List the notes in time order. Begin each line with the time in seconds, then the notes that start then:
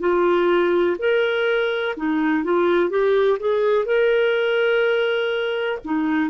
0.00 F4
0.99 A#4
1.97 D#4
2.44 F4
2.90 G4
3.40 G#4
3.85 A#4
5.85 D#4